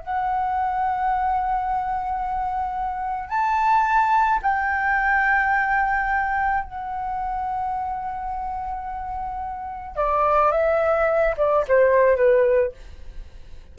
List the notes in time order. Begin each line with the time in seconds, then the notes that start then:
0.00 F#5
3.29 A5
4.42 G5
6.63 F#5
9.96 D5
10.51 E5
11.37 D5
11.68 C5
12.16 B4